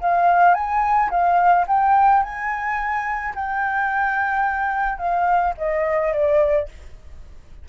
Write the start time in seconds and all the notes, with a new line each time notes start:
0.00 F5
0.54 G#5
1.10 F5
1.67 G5
2.23 G#5
3.35 G5
4.98 F5
5.58 D#5
6.13 D5